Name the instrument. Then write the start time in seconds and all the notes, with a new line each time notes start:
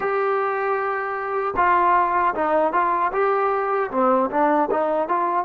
trombone
0.00 G4
1.56 F4
2.34 D#4
2.72 F4
3.12 G4
3.91 C4
4.30 D4
4.70 D#4
5.08 F4